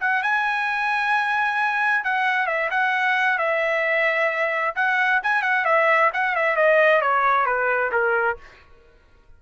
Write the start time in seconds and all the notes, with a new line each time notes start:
0.00 F#5
0.22 G#5
2.04 F#5
2.46 E5
2.70 F#5
3.38 E5
4.75 F#5
5.23 G#5
5.42 F#5
5.65 E5
6.13 F#5
6.35 E5
6.56 D#5
7.01 C#5
7.45 B4
7.92 A#4